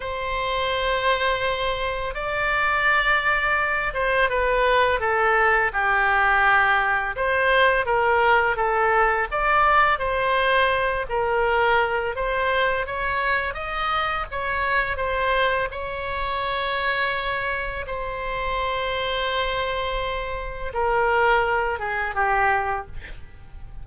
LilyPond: \new Staff \with { instrumentName = "oboe" } { \time 4/4 \tempo 4 = 84 c''2. d''4~ | d''4. c''8 b'4 a'4 | g'2 c''4 ais'4 | a'4 d''4 c''4. ais'8~ |
ais'4 c''4 cis''4 dis''4 | cis''4 c''4 cis''2~ | cis''4 c''2.~ | c''4 ais'4. gis'8 g'4 | }